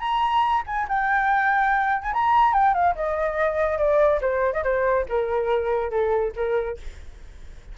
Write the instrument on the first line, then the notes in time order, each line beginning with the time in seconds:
flute
0.00 A#5
0.67 G#5
0.89 G5
2.03 G#5
2.13 A#5
2.54 G5
2.74 F5
2.96 D#5
3.78 D5
4.21 C5
4.53 D#5
4.64 C5
5.09 A#4
5.91 A4
6.36 A#4